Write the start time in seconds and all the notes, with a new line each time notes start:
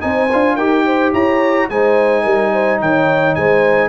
0.00 C4 D#4 C5 G#5
0.32 D4 F4
0.56 D#4 G4 A#4 G5
0.86 C5
1.12 E4 C#5 A#5
1.69 G#3 D#4 C5 G#5
2.23 G3 A#4
2.52 C5
2.80 D#3 C#5 G5
3.34 G#3 C5 G#5